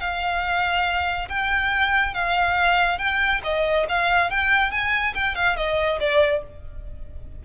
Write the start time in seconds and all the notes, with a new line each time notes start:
0.00 F5
1.29 G5
2.14 F5
2.98 G5
3.44 D#5
3.89 F5
4.31 G5
4.72 G#5
5.14 G5
5.36 F5
5.57 D#5
6.00 D5